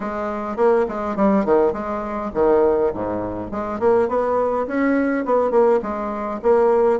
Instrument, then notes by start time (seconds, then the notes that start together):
bassoon
0.00 G#3
0.56 A#3
0.88 G#3
1.16 G3
1.45 D#3
1.72 G#3
2.34 D#3
2.94 G#2
3.51 G#3
3.79 A#3
4.08 B3
4.67 C#4
5.25 B3
5.50 A#3
5.82 G#3
6.42 A#3